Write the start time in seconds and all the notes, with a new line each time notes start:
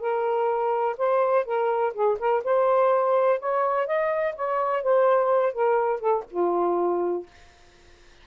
0.00 A#4
0.98 C5
1.45 A#4
1.94 G#4
2.19 A#4
2.44 C5
3.39 C#5
3.87 D#5
4.36 C#5
4.83 C5
5.53 A#4
6.00 A4
6.30 F4